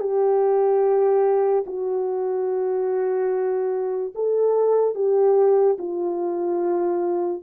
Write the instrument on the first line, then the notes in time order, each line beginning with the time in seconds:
horn
0.00 G4
1.67 F#4
4.15 A4
4.95 G4
5.79 F4